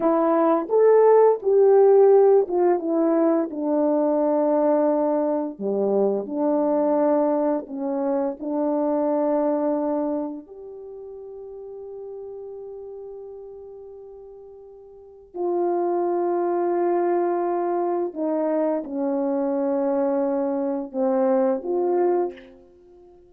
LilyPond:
\new Staff \with { instrumentName = "horn" } { \time 4/4 \tempo 4 = 86 e'4 a'4 g'4. f'8 | e'4 d'2. | g4 d'2 cis'4 | d'2. g'4~ |
g'1~ | g'2 f'2~ | f'2 dis'4 cis'4~ | cis'2 c'4 f'4 | }